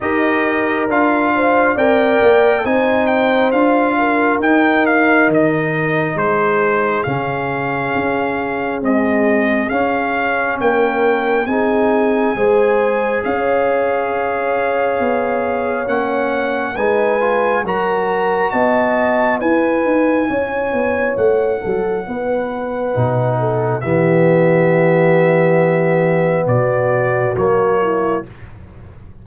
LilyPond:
<<
  \new Staff \with { instrumentName = "trumpet" } { \time 4/4 \tempo 4 = 68 dis''4 f''4 g''4 gis''8 g''8 | f''4 g''8 f''8 dis''4 c''4 | f''2 dis''4 f''4 | g''4 gis''2 f''4~ |
f''2 fis''4 gis''4 | ais''4 a''4 gis''2 | fis''2. e''4~ | e''2 d''4 cis''4 | }
  \new Staff \with { instrumentName = "horn" } { \time 4/4 ais'4. c''8 d''4 c''4~ | c''8 ais'2~ ais'8 gis'4~ | gis'1 | ais'4 gis'4 c''4 cis''4~ |
cis''2. b'4 | ais'4 dis''4 b'4 cis''4~ | cis''8 a'8 b'4. a'8 g'4~ | g'2 fis'4. e'8 | }
  \new Staff \with { instrumentName = "trombone" } { \time 4/4 g'4 f'4 ais'4 dis'4 | f'4 dis'2. | cis'2 gis4 cis'4~ | cis'4 dis'4 gis'2~ |
gis'2 cis'4 dis'8 f'8 | fis'2 e'2~ | e'2 dis'4 b4~ | b2. ais4 | }
  \new Staff \with { instrumentName = "tuba" } { \time 4/4 dis'4 d'4 c'8 ais8 c'4 | d'4 dis'4 dis4 gis4 | cis4 cis'4 c'4 cis'4 | ais4 c'4 gis4 cis'4~ |
cis'4 b4 ais4 gis4 | fis4 b4 e'8 dis'8 cis'8 b8 | a8 fis8 b4 b,4 e4~ | e2 b,4 fis4 | }
>>